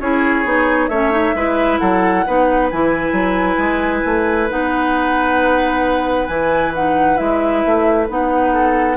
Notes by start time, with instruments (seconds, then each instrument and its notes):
0.00 bassoon C#4, clarinet E4, oboe G#4, flute C#5
0.45 bassoon B3, clarinet D#4
0.88 bassoon A3, clarinet C#4, oboe C#5, flute E5
1.12 clarinet D#4
1.34 bassoon G#3, clarinet E4, oboe B4
1.79 bassoon F#3, oboe A4, flute F#5
2.26 bassoon B3, clarinet D#4, oboe B4
2.71 bassoon E3, clarinet E4, flute G#5
3.12 bassoon F#3
3.58 bassoon G#3
4.05 bassoon A3
4.50 bassoon B3, clarinet D#4, flute F#5
6.28 bassoon E3, clarinet E4, flute G#5
6.75 clarinet D#4, flute F#5
7.17 bassoon G#3, clarinet E4, flute E5
7.66 bassoon A3
8.09 bassoon B3, clarinet D#4, flute F#5
8.53 oboe A4